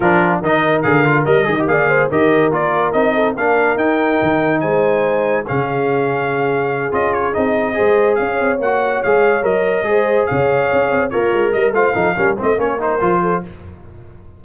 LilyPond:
<<
  \new Staff \with { instrumentName = "trumpet" } { \time 4/4 \tempo 4 = 143 ais'4 dis''4 f''4 dis''4 | f''4 dis''4 d''4 dis''4 | f''4 g''2 gis''4~ | gis''4 f''2.~ |
f''8 dis''8 cis''8 dis''2 f''8~ | f''8 fis''4 f''4 dis''4.~ | dis''8 f''2 cis''4 dis''8 | f''4. dis''8 cis''8 c''4. | }
  \new Staff \with { instrumentName = "horn" } { \time 4/4 f'4 ais'2~ ais'8 dis''8 | d''8 c''8 ais'2~ ais'8 a'8 | ais'2. c''4~ | c''4 gis'2.~ |
gis'2~ gis'8 c''4 cis''8~ | cis''2.~ cis''8 c''8~ | c''8 cis''2 f'4 ais'8 | c''8 a'8 ais'8 c''8 ais'4. a'8 | }
  \new Staff \with { instrumentName = "trombone" } { \time 4/4 d'4 dis'4 gis'8 f'8 ais'8 gis'16 g'16 | gis'4 g'4 f'4 dis'4 | d'4 dis'2.~ | dis'4 cis'2.~ |
cis'8 f'4 dis'4 gis'4.~ | gis'8 fis'4 gis'4 ais'4 gis'8~ | gis'2~ gis'8 ais'4. | f'8 dis'8 cis'8 c'8 cis'8 dis'8 f'4 | }
  \new Staff \with { instrumentName = "tuba" } { \time 4/4 f4 dis4 d4 g8 dis8 | ais4 dis4 ais4 c'4 | ais4 dis'4 dis4 gis4~ | gis4 cis2.~ |
cis8 cis'4 c'4 gis4 cis'8 | c'8 ais4 gis4 fis4 gis8~ | gis8 cis4 cis'8 c'8 ais8 gis8 g8 | a8 f8 g8 a8 ais4 f4 | }
>>